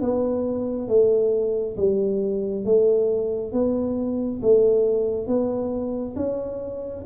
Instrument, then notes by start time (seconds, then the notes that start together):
tuba
0.00 B3
0.87 A3
1.76 G3
2.64 A3
3.52 B3
4.42 A3
5.27 B3
6.16 C#4